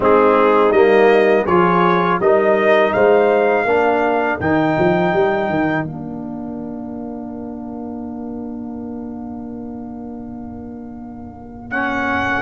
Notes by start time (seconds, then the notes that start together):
0.00 G#3 C4 D#4 G#4
0.72 G3 A#3 D#5
1.44 F3 F4 G#4 C#5
2.19 G3 D#4 A#4 D#5
2.92 G#3 C5 F5
3.64 A#3 D4 A#4
4.40 D#3 D#4 G5
4.77 F3
5.13 G3
5.49 D#3
5.83 A#3 D4 F5
11.70 C#4 F#5